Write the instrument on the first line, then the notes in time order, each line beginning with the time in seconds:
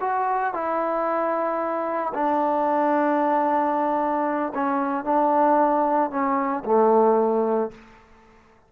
trombone
0.00 F#4
0.53 E4
2.14 D4
4.54 C#4
5.04 D4
6.10 C#4
6.65 A3